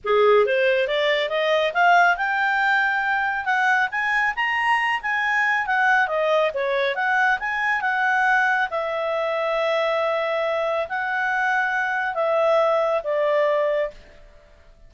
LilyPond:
\new Staff \with { instrumentName = "clarinet" } { \time 4/4 \tempo 4 = 138 gis'4 c''4 d''4 dis''4 | f''4 g''2. | fis''4 gis''4 ais''4. gis''8~ | gis''4 fis''4 dis''4 cis''4 |
fis''4 gis''4 fis''2 | e''1~ | e''4 fis''2. | e''2 d''2 | }